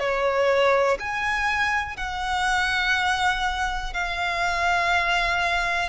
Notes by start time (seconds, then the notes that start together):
0.00 C#5
1.00 G#5
1.97 F#5
3.93 F5